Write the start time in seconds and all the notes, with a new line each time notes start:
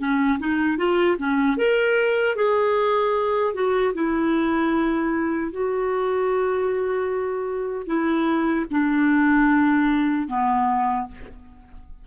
0.00 C#4
0.39 D#4
0.78 F4
1.18 C#4
1.58 A#4
2.36 G#4
3.55 F#4
3.95 E4
5.52 F#4
7.87 E4
8.71 D4
10.28 B3